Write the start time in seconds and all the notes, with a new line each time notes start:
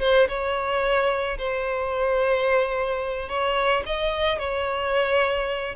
0.00 C5
0.28 C#5
1.38 C5
3.29 C#5
3.86 D#5
4.38 C#5